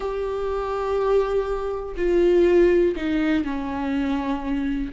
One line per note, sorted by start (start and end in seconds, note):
0.00 1.95 G4
1.96 2.95 F4
2.96 3.44 D#4
3.44 4.92 C#4